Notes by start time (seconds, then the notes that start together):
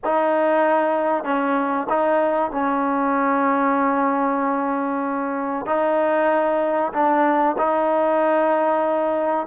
0.04 D#4
1.24 C#4
1.89 D#4
2.51 C#4
5.66 D#4
6.93 D4
7.58 D#4